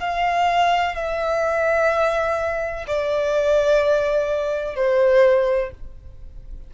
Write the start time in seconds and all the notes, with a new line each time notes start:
0.00 F5
0.94 E5
2.87 D5
4.75 C5